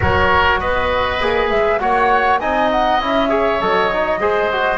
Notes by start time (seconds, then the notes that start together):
0.00 F#3 F#4 A#4 C#5
0.59 B3 B4 D#5
1.20 A#3 G#4
1.49 G#3 E5
1.78 A#3 F#4 C#5 F#5
2.39 C4 D#4 D#5 G#5
2.71 F#5
3.00 C#4 E4 E5
3.29 G#4 C#5
3.60 F#3 A4 D#5
3.93 D#4
4.20 G#3 G#4 C5
4.52 F#4